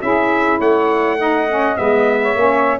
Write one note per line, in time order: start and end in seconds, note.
0.00 0.59 C#4
0.00 1.17 E4
0.00 0.58 G#4
0.00 0.59 E5
0.58 1.76 A3
0.58 1.17 C#5
0.58 1.76 F#5
1.18 1.47 D#4
1.18 2.21 D#5
1.49 1.77 C#4
1.76 2.35 G#3
1.76 2.35 B3
1.76 2.78 E5
2.21 2.79 C#5
2.35 2.79 A#3
2.35 2.79 C#4